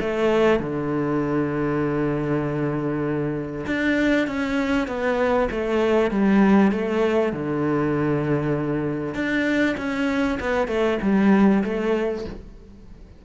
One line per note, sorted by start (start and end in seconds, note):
0.00 0.59 A3
0.59 3.65 D3
3.66 4.27 D4
4.27 4.88 C#4
4.88 5.49 B3
5.51 6.11 A3
6.11 6.71 G3
6.71 7.32 A3
7.33 9.14 D3
9.14 9.75 D4
9.77 10.38 C#4
10.40 10.68 B3
10.68 10.98 A3
11.02 11.63 G3
11.64 12.25 A3